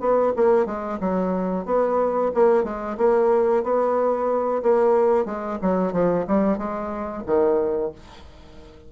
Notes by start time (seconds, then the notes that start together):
0.00 B3
0.37 A#3
0.66 G#3
1.00 F#3
1.66 B3
2.34 A#3
2.64 G#3
2.98 A#3
3.64 B3
4.63 A#3
5.25 G#3
5.62 F#3
5.93 F3
6.28 G3
6.58 G#3
7.26 D#3